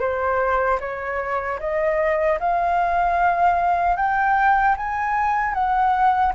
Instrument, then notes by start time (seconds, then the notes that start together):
flute
0.00 C5
0.80 C#5
1.60 D#5
2.40 F5
3.97 G5
4.77 G#5
5.54 F#5